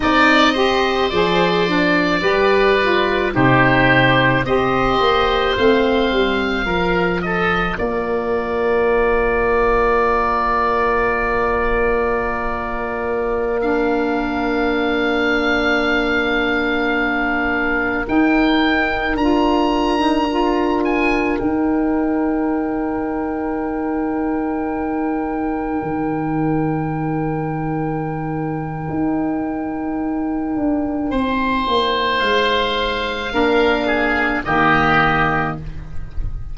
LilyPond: <<
  \new Staff \with { instrumentName = "oboe" } { \time 4/4 \tempo 4 = 54 dis''4 d''2 c''4 | dis''4 f''4. dis''8 d''4~ | d''1~ | d''16 f''2.~ f''8.~ |
f''16 g''4 ais''4. gis''8 g''8.~ | g''1~ | g''1~ | g''4 f''2 dis''4 | }
  \new Staff \with { instrumentName = "oboe" } { \time 4/4 d''8 c''4. b'4 g'4 | c''2 ais'8 a'8 ais'4~ | ais'1~ | ais'1~ |
ais'1~ | ais'1~ | ais'1 | c''2 ais'8 gis'8 g'4 | }
  \new Staff \with { instrumentName = "saxophone" } { \time 4/4 dis'8 g'8 gis'8 d'8 g'8 f'8 dis'4 | g'4 c'4 f'2~ | f'1~ | f'16 d'2.~ d'8.~ |
d'16 dis'4 f'8. dis'16 f'4 dis'8.~ | dis'1~ | dis'1~ | dis'2 d'4 ais4 | }
  \new Staff \with { instrumentName = "tuba" } { \time 4/4 c'4 f4 g4 c4 | c'8 ais8 a8 g8 f4 ais4~ | ais1~ | ais1~ |
ais16 dis'4 d'2 dis'8.~ | dis'2.~ dis'16 dis8.~ | dis2 dis'4. d'8 | c'8 ais8 gis4 ais4 dis4 | }
>>